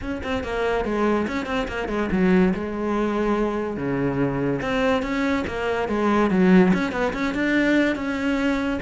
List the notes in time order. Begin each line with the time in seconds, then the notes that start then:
0.01 C#4
0.23 C4
0.43 A#3
0.84 G#3
1.27 C#4
1.46 C4
1.68 A#3
1.88 G#3
2.11 F#3
2.54 G#3
3.76 C#3
4.61 C4
5.02 C#4
5.47 A#3
5.88 G#3
6.30 F#3
6.73 C#4
6.92 B3
7.13 C#4
7.34 D4
7.95 C#4